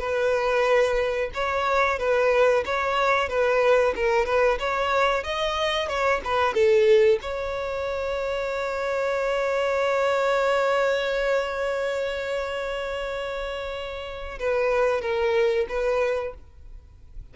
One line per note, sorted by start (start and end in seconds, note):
0.00 1.30 B4
1.34 1.99 C#5
1.99 2.64 B4
2.65 3.29 C#5
3.29 3.94 B4
3.96 4.26 A#4
4.26 4.59 B4
4.60 5.24 C#5
5.24 5.88 D#5
5.88 6.21 C#5
6.25 6.54 B4
6.54 7.19 A4
7.22 14.39 C#5
14.40 15.01 B4
15.01 15.67 A#4
15.69 16.34 B4